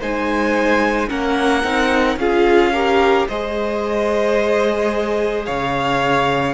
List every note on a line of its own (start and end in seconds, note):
0.00 1.11 G#3
0.00 1.09 D#4
0.00 1.09 C5
0.00 1.10 G#5
1.09 1.64 A#3
1.09 1.63 C#4
1.09 2.18 A#4
1.09 2.19 F#5
1.64 2.17 C4
1.64 2.18 D#4
2.17 3.26 C#4
2.17 2.74 F4
2.17 2.73 G#4
2.17 3.28 F5
2.73 3.29 G4
2.73 3.28 A#4
3.28 5.48 G#3
3.28 6.54 G#4
3.28 5.46 C5
3.28 5.46 D#5
5.46 6.54 C#3
5.46 6.54 C#5
5.46 6.54 F5